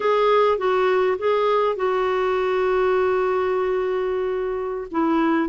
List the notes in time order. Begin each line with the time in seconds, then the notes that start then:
0.00 G#4
0.58 F#4
1.18 G#4
1.76 F#4
4.91 E4